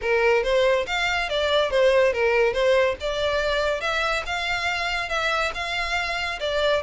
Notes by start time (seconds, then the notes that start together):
0.01 A#4
0.43 C5
0.86 F5
1.29 D5
1.70 C5
2.13 A#4
2.53 C5
3.00 D5
3.80 E5
4.26 F5
5.09 E5
5.54 F5
6.40 D5